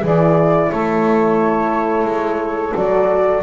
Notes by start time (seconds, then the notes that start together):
0.00 E3 E4 G#4 D5
0.71 A3 A4 C#5
2.04 G#3
2.75 F#3 F#4 D5